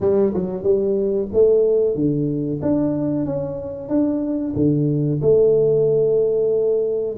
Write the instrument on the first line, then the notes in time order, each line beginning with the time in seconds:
tuba
0.00 G3
0.33 F#3
0.63 G3
1.33 A3
1.95 D3
2.61 D4
3.25 C#4
3.88 D4
4.55 D3
5.21 A3